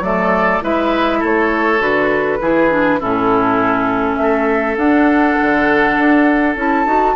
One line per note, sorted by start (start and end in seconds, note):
0.00 0.59 F#3
0.00 0.61 A3
0.00 0.63 A4
0.00 0.62 D5
0.62 1.23 G#3
0.62 1.79 E4
0.62 1.19 B4
0.62 1.23 E5
1.19 1.80 A3
1.19 2.38 A4
1.25 1.82 C#5
1.79 2.39 D3
1.79 2.38 F#4
1.79 3.00 B4
2.40 3.00 E3
2.40 2.70 E4
2.40 3.00 G#4
2.70 3.00 D4
3.00 4.17 A2
3.00 4.78 C#4
3.00 4.19 E4
3.00 4.16 A4
4.16 4.76 A3
4.16 4.75 E5
4.23 7.15 A4
4.76 5.36 D4
4.76 6.57 D4
4.76 6.56 F#5
5.41 5.97 D3
5.97 6.56 D4
6.56 6.85 C#4
6.56 6.86 E4
6.56 7.15 A5
6.85 7.15 D#4
6.85 7.15 F#4